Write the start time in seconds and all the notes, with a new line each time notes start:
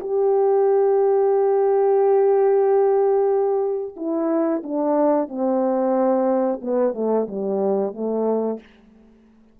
0.00 G4
3.97 E4
4.63 D4
5.28 C4
6.61 B3
6.94 A3
7.28 G3
7.94 A3